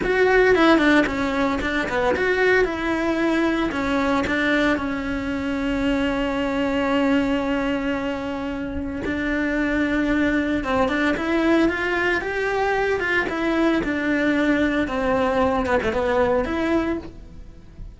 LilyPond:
\new Staff \with { instrumentName = "cello" } { \time 4/4 \tempo 4 = 113 fis'4 e'8 d'8 cis'4 d'8 b8 | fis'4 e'2 cis'4 | d'4 cis'2.~ | cis'1~ |
cis'4 d'2. | c'8 d'8 e'4 f'4 g'4~ | g'8 f'8 e'4 d'2 | c'4. b16 a16 b4 e'4 | }